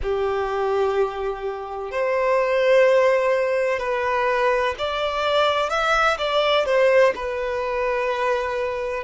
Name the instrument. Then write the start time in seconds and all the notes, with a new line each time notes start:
violin
0.02 G4
1.90 C5
3.79 B4
4.78 D5
5.69 E5
6.17 D5
6.65 C5
7.15 B4